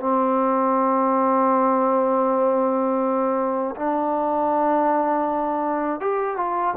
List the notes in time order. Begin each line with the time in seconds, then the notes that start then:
0.00 C4
3.76 D4
6.00 G4
6.37 F4